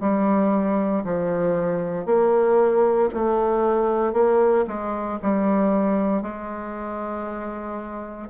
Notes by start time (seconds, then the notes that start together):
0.00 G3
1.04 F3
2.05 A#3
3.14 A3
4.13 A#3
4.67 G#3
5.22 G3
6.22 G#3